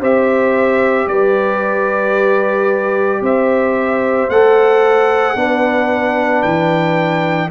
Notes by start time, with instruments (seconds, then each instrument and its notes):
0.00 tuba C4, trombone G4, horn C5, trumpet E5
1.06 tuba G3, horn B4, trumpet D5
3.21 tuba C4, horn C5, trumpet E5
4.29 tuba A3, trombone A4, trumpet F#5
5.35 tuba B3, trombone D4, horn B4
6.42 tuba E3, trumpet G5